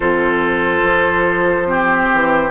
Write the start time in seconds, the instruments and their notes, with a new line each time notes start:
0.00 bassoon F2, clarinet F4, oboe A4, flute C5
0.83 bassoon F3
1.66 clarinet C4, oboe G4
2.13 bassoon E3